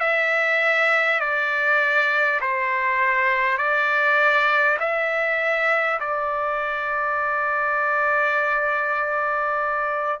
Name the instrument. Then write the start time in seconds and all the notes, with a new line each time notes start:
trumpet
0.00 E5
1.20 D5
2.40 C5
3.57 D5
4.79 E5
6.00 D5